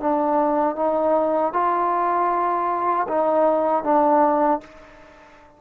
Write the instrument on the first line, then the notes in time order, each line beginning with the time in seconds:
trombone
0.00 D4
0.76 D#4
1.53 F4
3.08 D#4
3.84 D4